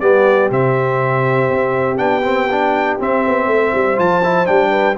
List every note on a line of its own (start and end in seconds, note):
0.00 0.51 G3
0.00 0.51 B3
0.00 3.49 G4
0.00 0.50 D5
0.51 1.50 C3
0.51 1.97 C4
0.51 1.98 E5
1.51 1.99 C4
1.97 2.98 B3
1.97 2.22 D4
1.97 2.97 G5
2.23 2.48 C4
2.51 2.99 D4
2.99 3.97 C4
2.99 3.25 C4
2.99 3.99 E5
3.28 3.47 B3
3.47 3.72 A3
3.47 4.71 C5
3.75 3.99 G3
3.97 4.48 F3
3.97 4.21 F4
3.97 4.47 A5
4.24 4.46 E4
4.46 4.98 G3
4.46 4.95 D4
4.46 4.96 G5
4.71 4.96 B4